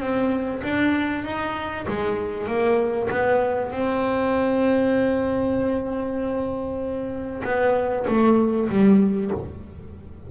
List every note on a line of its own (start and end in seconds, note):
0.00 0.62 C4
0.63 1.25 D4
1.25 1.86 D#4
1.88 2.47 G#3
2.47 3.09 A#3
3.10 3.71 B3
3.71 7.43 C4
7.44 8.06 B3
8.07 8.69 A3
8.69 9.31 G3